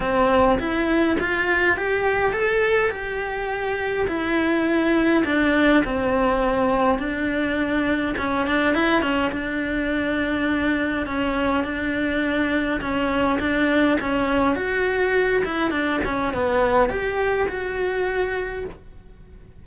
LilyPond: \new Staff \with { instrumentName = "cello" } { \time 4/4 \tempo 4 = 103 c'4 e'4 f'4 g'4 | a'4 g'2 e'4~ | e'4 d'4 c'2 | d'2 cis'8 d'8 e'8 cis'8 |
d'2. cis'4 | d'2 cis'4 d'4 | cis'4 fis'4. e'8 d'8 cis'8 | b4 g'4 fis'2 | }